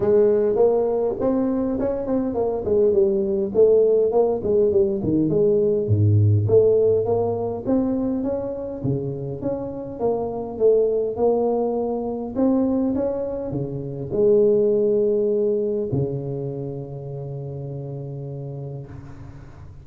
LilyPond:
\new Staff \with { instrumentName = "tuba" } { \time 4/4 \tempo 4 = 102 gis4 ais4 c'4 cis'8 c'8 | ais8 gis8 g4 a4 ais8 gis8 | g8 dis8 gis4 gis,4 a4 | ais4 c'4 cis'4 cis4 |
cis'4 ais4 a4 ais4~ | ais4 c'4 cis'4 cis4 | gis2. cis4~ | cis1 | }